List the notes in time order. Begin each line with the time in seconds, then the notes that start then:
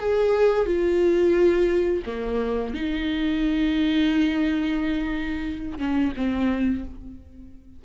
0.00 G#4
0.66 F4
2.06 A#3
2.74 D#4
5.79 C#4
6.16 C4